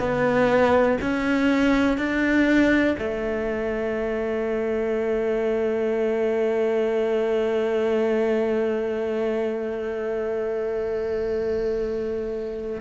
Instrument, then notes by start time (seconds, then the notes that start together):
cello
0.00 B3
1.02 C#4
1.98 D4
2.99 A3